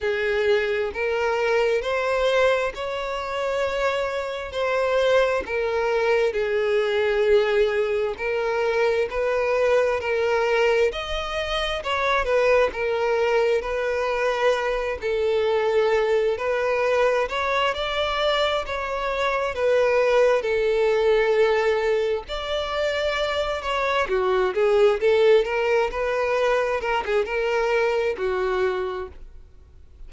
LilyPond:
\new Staff \with { instrumentName = "violin" } { \time 4/4 \tempo 4 = 66 gis'4 ais'4 c''4 cis''4~ | cis''4 c''4 ais'4 gis'4~ | gis'4 ais'4 b'4 ais'4 | dis''4 cis''8 b'8 ais'4 b'4~ |
b'8 a'4. b'4 cis''8 d''8~ | d''8 cis''4 b'4 a'4.~ | a'8 d''4. cis''8 fis'8 gis'8 a'8 | ais'8 b'4 ais'16 gis'16 ais'4 fis'4 | }